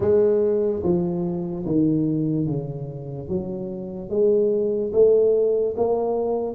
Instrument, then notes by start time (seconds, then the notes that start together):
tuba
0.00 G#3
0.83 F3
1.66 D#3
2.47 C#3
3.28 F#3
4.09 G#3
4.92 A3
5.76 A#3